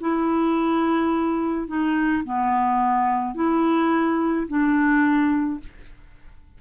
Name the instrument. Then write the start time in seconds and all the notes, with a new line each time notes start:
clarinet
0.00 E4
1.67 D#4
2.24 B3
3.35 E4
4.48 D4